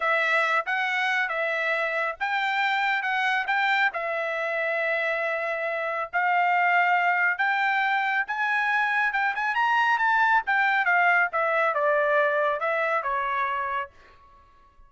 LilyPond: \new Staff \with { instrumentName = "trumpet" } { \time 4/4 \tempo 4 = 138 e''4. fis''4. e''4~ | e''4 g''2 fis''4 | g''4 e''2.~ | e''2 f''2~ |
f''4 g''2 gis''4~ | gis''4 g''8 gis''8 ais''4 a''4 | g''4 f''4 e''4 d''4~ | d''4 e''4 cis''2 | }